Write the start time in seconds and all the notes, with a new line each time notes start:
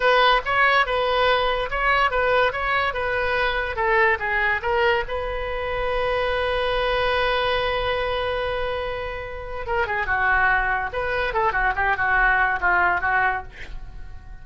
0.00 B4
0.45 C#5
0.85 B4
1.70 C#5
2.11 B4
2.52 C#5
2.93 B4
3.76 A4
4.19 G#4
4.62 A#4
5.08 B4
9.66 A#4
9.86 G#4
10.06 F#4
10.92 B4
11.33 A4
11.52 F#4
11.75 G4
11.96 F#4
12.60 F4
13.01 F#4